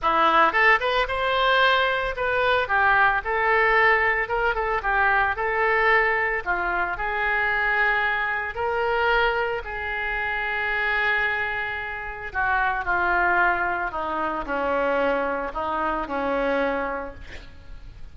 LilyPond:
\new Staff \with { instrumentName = "oboe" } { \time 4/4 \tempo 4 = 112 e'4 a'8 b'8 c''2 | b'4 g'4 a'2 | ais'8 a'8 g'4 a'2 | f'4 gis'2. |
ais'2 gis'2~ | gis'2. fis'4 | f'2 dis'4 cis'4~ | cis'4 dis'4 cis'2 | }